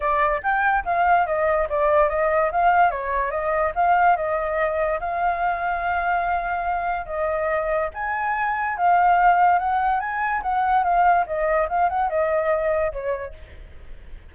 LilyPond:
\new Staff \with { instrumentName = "flute" } { \time 4/4 \tempo 4 = 144 d''4 g''4 f''4 dis''4 | d''4 dis''4 f''4 cis''4 | dis''4 f''4 dis''2 | f''1~ |
f''4 dis''2 gis''4~ | gis''4 f''2 fis''4 | gis''4 fis''4 f''4 dis''4 | f''8 fis''8 dis''2 cis''4 | }